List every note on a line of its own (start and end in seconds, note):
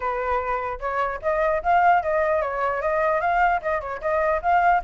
0.00 0.79 B4
0.80 1.20 C#5
1.22 1.62 D#5
1.62 2.02 F5
2.02 2.41 D#5
2.41 2.81 C#5
2.81 3.20 D#5
3.20 3.61 F5
3.62 3.81 D#5
3.81 4.01 C#5
4.01 4.41 D#5
4.41 4.82 F5